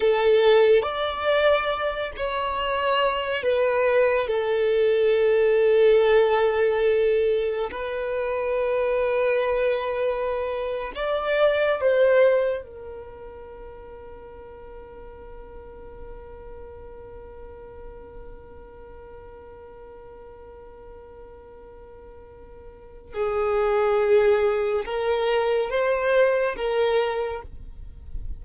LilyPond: \new Staff \with { instrumentName = "violin" } { \time 4/4 \tempo 4 = 70 a'4 d''4. cis''4. | b'4 a'2.~ | a'4 b'2.~ | b'8. d''4 c''4 ais'4~ ais'16~ |
ais'1~ | ais'1~ | ais'2. gis'4~ | gis'4 ais'4 c''4 ais'4 | }